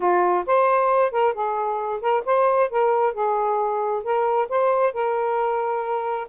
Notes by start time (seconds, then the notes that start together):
0.00 F4
0.46 C5
1.11 A#4
1.33 G#4
2.01 A#4
2.25 C5
2.70 A#4
3.13 G#4
4.03 A#4
4.48 C5
4.93 A#4